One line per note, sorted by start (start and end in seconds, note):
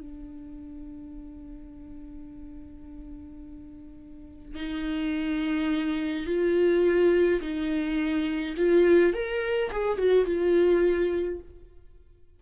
0.00 4.55 D4
4.55 6.26 D#4
6.26 7.41 F4
7.41 8.55 D#4
8.57 9.14 F4
9.14 9.71 A#4
9.72 9.98 G#4
9.98 10.25 F#4
10.25 11.40 F4